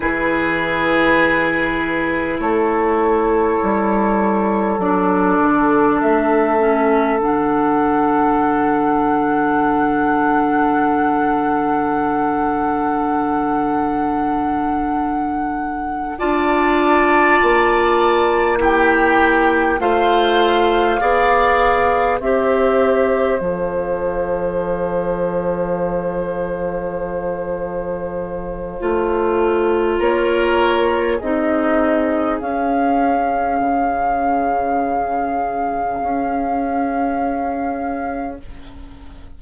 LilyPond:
<<
  \new Staff \with { instrumentName = "flute" } { \time 4/4 \tempo 4 = 50 b'2 cis''2 | d''4 e''4 fis''2~ | fis''1~ | fis''4. a''2 g''8~ |
g''8 f''2 e''4 f''8~ | f''1~ | f''4 cis''4 dis''4 f''4~ | f''1 | }
  \new Staff \with { instrumentName = "oboe" } { \time 4/4 gis'2 a'2~ | a'1~ | a'1~ | a'4. d''2 g'8~ |
g'8 c''4 d''4 c''4.~ | c''1~ | c''4 ais'4 gis'2~ | gis'1 | }
  \new Staff \with { instrumentName = "clarinet" } { \time 4/4 e'1 | d'4. cis'8 d'2~ | d'1~ | d'4. f'2 e'8~ |
e'8 f'4 gis'4 g'4 a'8~ | a'1 | f'2 dis'4 cis'4~ | cis'1 | }
  \new Staff \with { instrumentName = "bassoon" } { \time 4/4 e2 a4 g4 | fis8 d8 a4 d2~ | d1~ | d4. d'4 ais4.~ |
ais8 a4 b4 c'4 f8~ | f1 | a4 ais4 c'4 cis'4 | cis2 cis'2 | }
>>